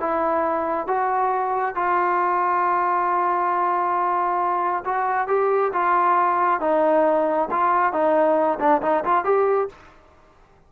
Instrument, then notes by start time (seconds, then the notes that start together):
trombone
0.00 E4
0.87 F#4
1.75 F4
4.85 F#4
5.28 G4
5.73 F4
6.61 D#4
7.51 F4
7.93 D#4
8.60 D4
8.82 D#4
9.05 F4
9.25 G4